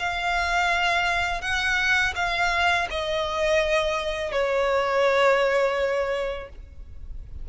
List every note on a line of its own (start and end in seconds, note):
0.00 1.42 F5
1.42 2.14 F#5
2.16 2.88 F5
2.91 4.32 D#5
4.32 6.49 C#5